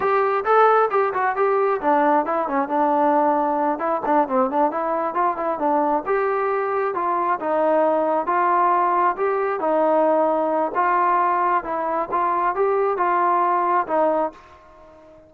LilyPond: \new Staff \with { instrumentName = "trombone" } { \time 4/4 \tempo 4 = 134 g'4 a'4 g'8 fis'8 g'4 | d'4 e'8 cis'8 d'2~ | d'8 e'8 d'8 c'8 d'8 e'4 f'8 | e'8 d'4 g'2 f'8~ |
f'8 dis'2 f'4.~ | f'8 g'4 dis'2~ dis'8 | f'2 e'4 f'4 | g'4 f'2 dis'4 | }